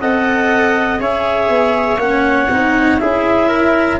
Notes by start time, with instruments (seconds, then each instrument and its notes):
0.00 tuba C4, cello A4, trumpet D#5, clarinet F#5
0.99 tuba C#4, cello G#4, trumpet C#5, clarinet E5
1.49 tuba B3
1.97 tuba A#3, cello C#4, clarinet F#5
2.49 tuba C4, cello D#4
2.99 tuba C#4, cello E4, trumpet G#4, clarinet E5
3.48 trumpet A#4